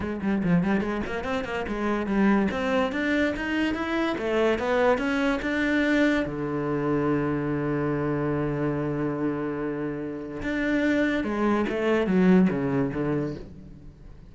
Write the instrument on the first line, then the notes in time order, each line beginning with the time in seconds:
cello
0.00 G#3
0.22 G3
0.43 F3
0.63 G3
0.80 G#3
1.06 A#3
1.24 C4
1.44 A#3
1.67 G#3
2.06 G3
2.51 C4
2.92 D4
3.36 D#4
3.74 E4
4.18 A3
4.58 B3
4.98 C#4
5.42 D4
6.25 D3
10.42 D4
11.23 G#3
11.69 A3
12.06 F#3
12.50 C#3
12.93 D3